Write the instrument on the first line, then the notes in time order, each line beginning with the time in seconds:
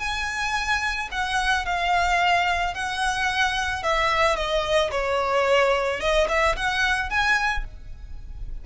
violin
0.00 G#5
1.12 F#5
1.66 F5
2.74 F#5
3.84 E5
4.37 D#5
4.91 C#5
6.01 D#5
6.29 E5
6.57 F#5
7.10 G#5